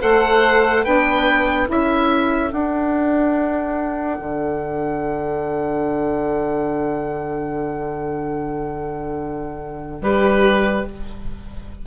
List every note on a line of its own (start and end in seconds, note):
0.00 0.85 A3
0.00 0.83 A4
0.00 0.84 C5
0.00 0.84 F#5
0.84 1.69 B3
0.84 1.66 D4
0.84 1.64 B4
0.84 1.68 G5
1.64 2.52 C#4
1.64 2.50 E4
1.64 9.97 A4
1.71 2.53 E5
2.50 10.83 D4
2.50 4.19 D4
2.50 10.03 F#5
4.19 10.01 D3
10.01 10.84 G3
10.01 10.86 G4
10.01 10.86 B4